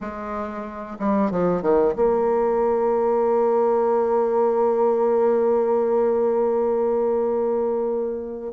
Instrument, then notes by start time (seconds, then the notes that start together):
bassoon
0.00 G#3
0.99 G3
1.30 F3
1.62 D#3
1.95 A#3